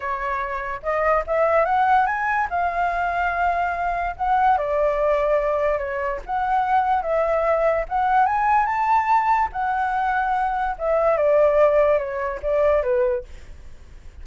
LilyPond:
\new Staff \with { instrumentName = "flute" } { \time 4/4 \tempo 4 = 145 cis''2 dis''4 e''4 | fis''4 gis''4 f''2~ | f''2 fis''4 d''4~ | d''2 cis''4 fis''4~ |
fis''4 e''2 fis''4 | gis''4 a''2 fis''4~ | fis''2 e''4 d''4~ | d''4 cis''4 d''4 b'4 | }